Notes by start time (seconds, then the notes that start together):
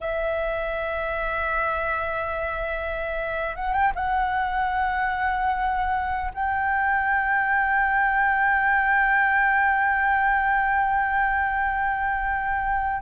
0.00 E5
3.55 F#5
3.73 G5
3.95 F#5
6.34 G5